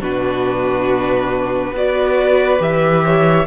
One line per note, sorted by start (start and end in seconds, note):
0.00 1.72 B2
0.00 1.74 D4
0.00 1.74 F#4
0.00 1.76 B4
1.72 2.59 B3
1.72 2.59 F#4
1.72 3.04 B4
1.72 2.61 D5
2.59 3.47 E3
2.59 3.46 G4
2.59 3.47 E5
3.04 3.47 C#5